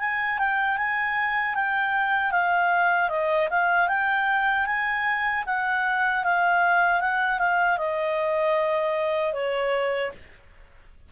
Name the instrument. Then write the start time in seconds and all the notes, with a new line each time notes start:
clarinet
0.00 G#5
0.39 G5
0.78 G#5
1.55 G5
2.32 F5
3.10 D#5
3.50 F5
3.89 G5
4.66 G#5
5.47 F#5
6.24 F5
7.01 F#5
7.39 F5
7.78 D#5
9.34 C#5